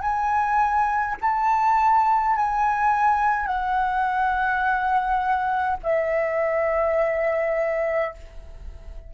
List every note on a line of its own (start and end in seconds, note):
0.00 1.15 G#5
1.21 2.36 A5
2.36 3.46 G#5
3.46 5.77 F#5
5.83 8.13 E5